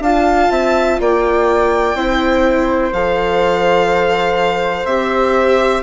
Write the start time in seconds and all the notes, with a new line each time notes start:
0.00 D4 F4 F5 A5
0.51 C4 E5
1.00 A#3 D5 G5
1.95 C4 E4 C5
2.93 F3 A4 F5
4.86 C4 G4 E5